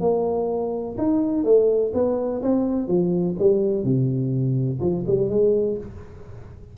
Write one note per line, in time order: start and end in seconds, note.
0.00 0.96 A#3
0.97 1.44 D#4
1.44 1.92 A3
1.94 2.42 B3
2.42 2.88 C4
2.88 3.36 F3
3.39 3.83 G3
3.83 4.79 C3
4.80 5.04 F3
5.06 5.29 G3
5.29 5.77 G#3